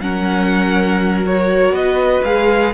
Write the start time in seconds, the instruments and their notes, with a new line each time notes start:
0.00 cello F#3, viola C#4, violin A#4 F#5
1.26 viola F#4, violin C#5
1.70 cello B3, violin B4 D#5
2.24 cello G#3, viola G#4, violin F5